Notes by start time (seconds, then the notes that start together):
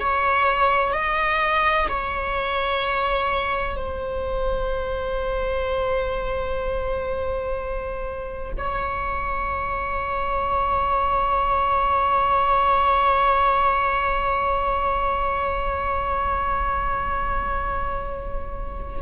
0.00 C#5
0.93 D#5
1.89 C#5
3.77 C5
8.58 C#5